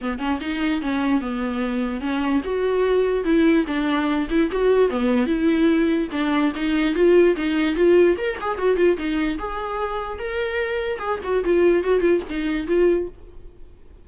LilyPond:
\new Staff \with { instrumentName = "viola" } { \time 4/4 \tempo 4 = 147 b8 cis'8 dis'4 cis'4 b4~ | b4 cis'4 fis'2 | e'4 d'4. e'8 fis'4 | b4 e'2 d'4 |
dis'4 f'4 dis'4 f'4 | ais'8 gis'8 fis'8 f'8 dis'4 gis'4~ | gis'4 ais'2 gis'8 fis'8 | f'4 fis'8 f'8 dis'4 f'4 | }